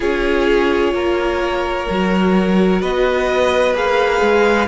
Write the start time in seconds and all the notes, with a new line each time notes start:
0.00 C#4 F4 G#4 C#5
0.93 A#3 A#4
1.89 F#3 F#4
2.81 B3 B4 D#5
3.74 A#3 G#4 F5
4.21 G#3